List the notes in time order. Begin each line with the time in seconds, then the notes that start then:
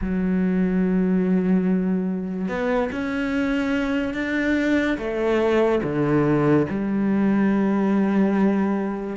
0.01 F#3
2.48 B3
2.92 C#4
4.14 D4
4.98 A3
5.83 D3
6.69 G3